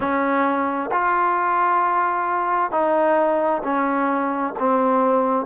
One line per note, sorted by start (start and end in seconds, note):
0.00 0.90 C#4
0.91 2.71 F4
2.71 3.62 D#4
3.63 4.54 C#4
4.59 5.45 C4